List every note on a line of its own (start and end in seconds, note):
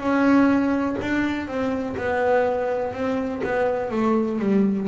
0.00 0.97 C#4
1.02 1.48 D4
1.48 1.97 C4
1.98 2.94 B3
2.94 3.42 C4
3.44 3.91 B3
3.91 4.40 A3
4.40 4.88 G3